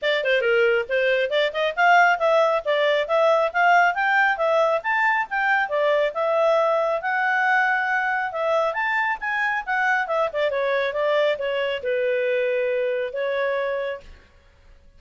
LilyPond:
\new Staff \with { instrumentName = "clarinet" } { \time 4/4 \tempo 4 = 137 d''8 c''8 ais'4 c''4 d''8 dis''8 | f''4 e''4 d''4 e''4 | f''4 g''4 e''4 a''4 | g''4 d''4 e''2 |
fis''2. e''4 | a''4 gis''4 fis''4 e''8 d''8 | cis''4 d''4 cis''4 b'4~ | b'2 cis''2 | }